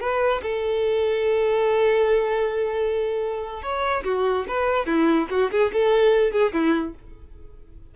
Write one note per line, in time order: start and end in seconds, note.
0.00 0.41 B4
0.42 3.62 A4
3.62 4.04 C#5
4.04 4.46 F#4
4.48 4.86 B4
4.86 5.28 E4
5.30 5.51 F#4
5.51 5.72 G#4
5.73 6.32 A4
6.32 6.53 G#4
6.53 6.94 E4